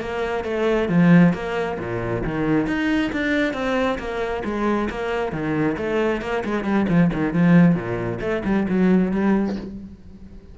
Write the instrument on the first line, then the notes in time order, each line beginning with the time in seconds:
cello
0.00 A#3
0.44 A3
0.89 F3
1.33 A#3
1.79 A#2
2.24 D#3
2.67 D#4
3.12 D4
3.54 C4
3.99 A#3
4.44 G#3
4.90 A#3
5.32 D#3
5.77 A3
6.21 A#3
6.44 G#3
6.64 G3
6.88 F3
7.13 D#3
7.33 F3
7.75 A#2
8.20 A3
8.44 G3
8.69 F#3
9.11 G3